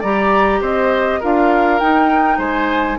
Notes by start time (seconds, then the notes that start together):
0.00 G3 G4 D5 A#5
0.61 C4 C5 D#5
1.20 D4 F4 A#4 F5
1.79 D#4 G5
2.38 G#3 C5 G#5